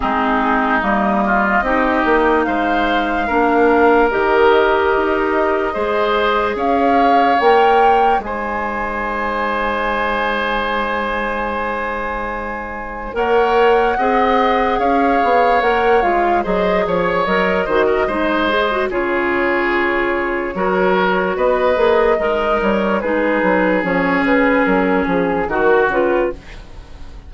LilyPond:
<<
  \new Staff \with { instrumentName = "flute" } { \time 4/4 \tempo 4 = 73 gis'4 dis''2 f''4~ | f''4 dis''2. | f''4 g''4 gis''2~ | gis''1 |
fis''2 f''4 fis''8 f''8 | dis''8 cis''8 dis''2 cis''4~ | cis''2 dis''4. cis''8 | b'4 cis''8 b'8 ais'8 gis'8 ais'8 b'8 | }
  \new Staff \with { instrumentName = "oboe" } { \time 4/4 dis'4. f'8 g'4 c''4 | ais'2. c''4 | cis''2 c''2~ | c''1 |
cis''4 dis''4 cis''2 | c''8 cis''4 c''16 ais'16 c''4 gis'4~ | gis'4 ais'4 b'4 dis'4 | gis'2. fis'4 | }
  \new Staff \with { instrumentName = "clarinet" } { \time 4/4 c'4 ais4 dis'2 | d'4 g'2 gis'4~ | gis'4 ais'4 dis'2~ | dis'1 |
ais'4 gis'2 ais'8 f'8 | gis'4 ais'8 fis'8 dis'8 gis'16 fis'16 f'4~ | f'4 fis'4. gis'8 ais'4 | dis'4 cis'2 fis'8 f'8 | }
  \new Staff \with { instrumentName = "bassoon" } { \time 4/4 gis4 g4 c'8 ais8 gis4 | ais4 dis4 dis'4 gis4 | cis'4 ais4 gis2~ | gis1 |
ais4 c'4 cis'8 b8 ais8 gis8 | fis8 f8 fis8 dis8 gis4 cis4~ | cis4 fis4 b8 ais8 gis8 g8 | gis8 fis8 f8 cis8 fis8 f8 dis8 cis8 | }
>>